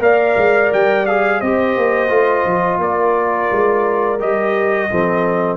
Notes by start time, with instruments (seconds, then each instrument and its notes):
0.00 tuba A#3, trombone A#4, horn D5, trumpet F5
0.37 tuba G#3
0.73 tuba G3, trumpet G5
1.06 trombone G#4, trumpet F5
1.41 tuba C4, trombone G4, horn C5, trumpet D#5
1.77 tuba A#3
2.09 tuba A3, trombone F4
2.46 tuba F3
2.78 tuba A#3, horn A#4, trumpet D5
3.52 tuba G#3
4.20 tuba G3, trombone G4, trumpet D#5
4.90 tuba F3, trombone C4, horn A4